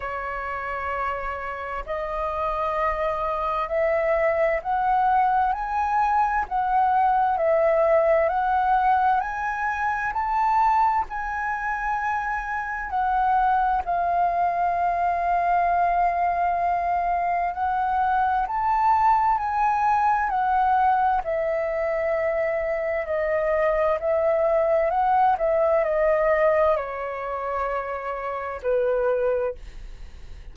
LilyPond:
\new Staff \with { instrumentName = "flute" } { \time 4/4 \tempo 4 = 65 cis''2 dis''2 | e''4 fis''4 gis''4 fis''4 | e''4 fis''4 gis''4 a''4 | gis''2 fis''4 f''4~ |
f''2. fis''4 | a''4 gis''4 fis''4 e''4~ | e''4 dis''4 e''4 fis''8 e''8 | dis''4 cis''2 b'4 | }